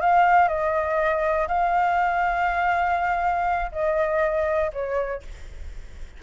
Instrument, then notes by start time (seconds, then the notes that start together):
flute
0.00 F5
0.48 D#5
1.48 F5
3.71 D#5
4.72 C#5